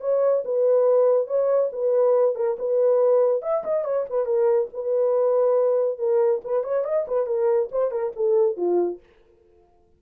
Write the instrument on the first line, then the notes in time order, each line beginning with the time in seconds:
horn
0.00 C#5
0.44 B4
1.27 C#5
1.72 B4
2.35 A#4
2.59 B4
3.42 E5
3.64 D#5
3.84 C#5
4.09 B4
4.25 A#4
4.73 B4
5.98 A#4
6.44 B4
6.63 C#5
6.84 D#5
7.07 B4
7.26 A#4
7.71 C5
7.91 A#4
8.16 A4
8.56 F4